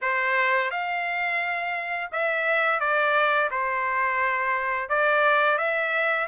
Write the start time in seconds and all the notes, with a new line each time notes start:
0.01 C5
0.70 F5
2.12 E5
2.79 D5
3.51 C5
4.89 D5
5.58 E5